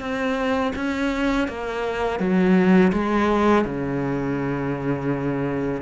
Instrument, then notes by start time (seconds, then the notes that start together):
cello
0.00 C4
0.76 C#4
1.48 A#3
2.19 F#3
2.92 G#3
3.65 C#3